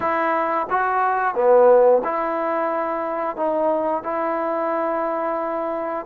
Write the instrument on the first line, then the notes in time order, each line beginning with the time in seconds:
trombone
0.00 E4
0.70 F#4
1.34 B3
2.04 E4
3.36 D#4
4.03 E4